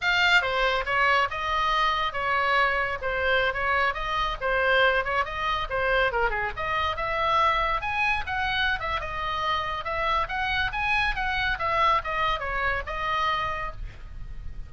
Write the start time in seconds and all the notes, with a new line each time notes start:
0.01 F5
0.41 C5
0.85 C#5
1.30 D#5
2.12 C#5
3.01 C5
3.53 C#5
3.94 D#5
4.40 C5
5.04 C#5
5.24 D#5
5.69 C5
6.11 A#4
6.29 G#4
6.56 D#5
6.96 E5
7.81 G#5
8.26 F#5
8.79 E5
9.00 D#5
9.84 E5
10.28 F#5
10.72 G#5
11.15 F#5
11.59 E5
12.04 D#5
12.39 C#5
12.86 D#5